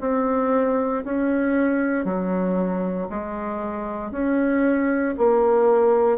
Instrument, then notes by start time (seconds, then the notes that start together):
bassoon
0.00 C4
1.04 C#4
2.05 F#3
3.09 G#3
4.11 C#4
5.17 A#3